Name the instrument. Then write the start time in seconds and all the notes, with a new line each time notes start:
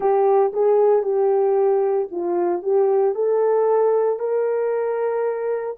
horn
0.00 G4
0.53 G#4
1.02 G4
2.11 F4
2.62 G4
3.14 A4
4.19 A#4